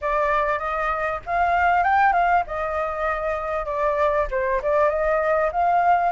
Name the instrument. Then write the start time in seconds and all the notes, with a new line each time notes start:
flute
0.01 D5
0.58 D#5
1.26 F5
1.83 G5
2.13 F5
2.46 D#5
3.65 D5
4.30 C5
4.62 D5
4.89 D#5
5.52 F5